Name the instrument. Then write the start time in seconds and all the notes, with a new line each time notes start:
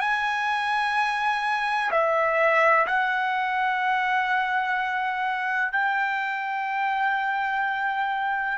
trumpet
0.00 G#5
1.91 E5
2.87 F#5
5.72 G5